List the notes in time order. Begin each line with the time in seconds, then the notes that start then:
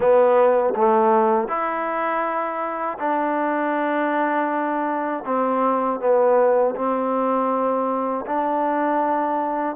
0.00 B3
0.75 A3
1.48 E4
2.98 D4
5.25 C4
6.00 B3
6.75 C4
8.26 D4